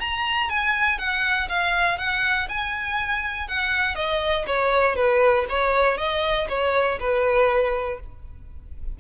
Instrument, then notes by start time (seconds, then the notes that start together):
violin
0.00 A#5
0.50 G#5
0.99 F#5
1.49 F5
1.98 F#5
2.49 G#5
3.48 F#5
3.95 D#5
4.47 C#5
4.96 B4
5.49 C#5
5.98 D#5
6.49 C#5
7.00 B4